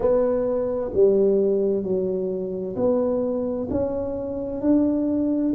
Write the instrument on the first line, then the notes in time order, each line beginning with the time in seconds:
tuba
0.00 B3
0.93 G3
1.83 F#3
2.76 B3
3.70 C#4
4.61 D4